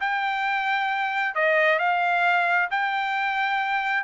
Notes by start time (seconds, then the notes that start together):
0.00 G5
1.35 D#5
1.79 F5
2.71 G5